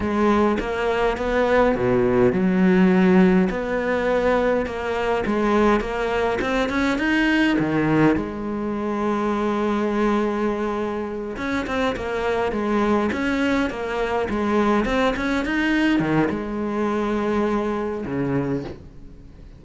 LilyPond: \new Staff \with { instrumentName = "cello" } { \time 4/4 \tempo 4 = 103 gis4 ais4 b4 b,4 | fis2 b2 | ais4 gis4 ais4 c'8 cis'8 | dis'4 dis4 gis2~ |
gis2.~ gis8 cis'8 | c'8 ais4 gis4 cis'4 ais8~ | ais8 gis4 c'8 cis'8 dis'4 dis8 | gis2. cis4 | }